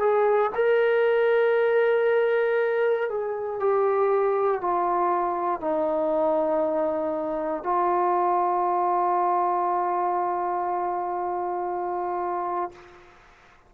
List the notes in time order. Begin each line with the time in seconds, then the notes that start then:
0.00 G#4
0.55 A#4
3.10 G#4
3.60 G4
4.61 F4
5.61 D#4
7.64 F4